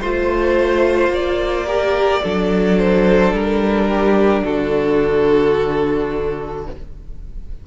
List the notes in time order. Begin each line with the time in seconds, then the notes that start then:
0.00 A3 F4 C5
1.09 A#3 D5
1.66 G4 A#4
2.22 F#3 D4 A4
2.78 C5
3.32 G3 A#4
3.88 G4
4.44 D3 F#4 A4